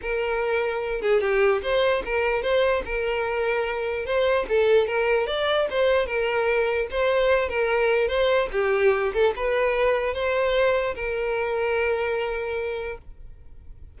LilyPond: \new Staff \with { instrumentName = "violin" } { \time 4/4 \tempo 4 = 148 ais'2~ ais'8 gis'8 g'4 | c''4 ais'4 c''4 ais'4~ | ais'2 c''4 a'4 | ais'4 d''4 c''4 ais'4~ |
ais'4 c''4. ais'4. | c''4 g'4. a'8 b'4~ | b'4 c''2 ais'4~ | ais'1 | }